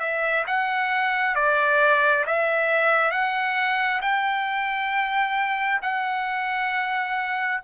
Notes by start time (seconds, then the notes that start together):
0.00 E5
0.47 F#5
1.36 D5
2.26 E5
3.11 F#5
4.02 G5
5.82 F#5